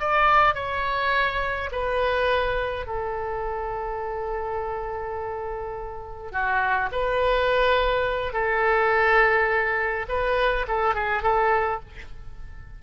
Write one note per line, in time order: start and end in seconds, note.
0.00 0.55 D5
0.55 1.70 C#5
1.72 2.86 B4
2.86 6.32 A4
6.32 6.90 F#4
6.92 8.33 B4
8.33 10.06 A4
10.09 10.66 B4
10.68 10.95 A4
10.95 11.23 G#4
11.23 11.80 A4